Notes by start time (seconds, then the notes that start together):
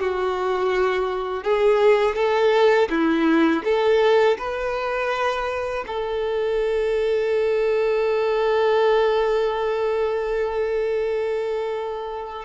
0.00 F#4
1.44 G#4
2.16 A4
2.90 E4
3.65 A4
4.38 B4
5.87 A4